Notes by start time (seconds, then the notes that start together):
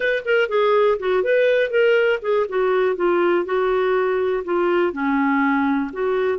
0.00 B4
0.25 A#4
0.49 G#4
0.99 F#4
1.23 B4
1.70 A#4
2.21 G#4
2.48 F#4
2.96 F4
3.45 F#4
4.44 F4
4.92 C#4
5.93 F#4